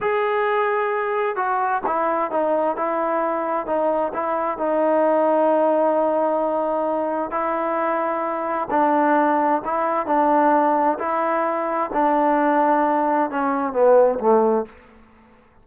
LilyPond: \new Staff \with { instrumentName = "trombone" } { \time 4/4 \tempo 4 = 131 gis'2. fis'4 | e'4 dis'4 e'2 | dis'4 e'4 dis'2~ | dis'1 |
e'2. d'4~ | d'4 e'4 d'2 | e'2 d'2~ | d'4 cis'4 b4 a4 | }